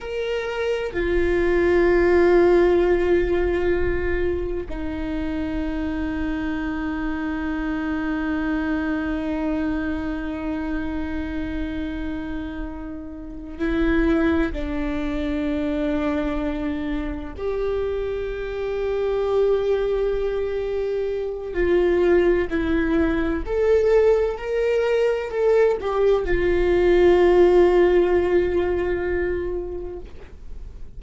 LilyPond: \new Staff \with { instrumentName = "viola" } { \time 4/4 \tempo 4 = 64 ais'4 f'2.~ | f'4 dis'2.~ | dis'1~ | dis'2~ dis'8 e'4 d'8~ |
d'2~ d'8 g'4.~ | g'2. f'4 | e'4 a'4 ais'4 a'8 g'8 | f'1 | }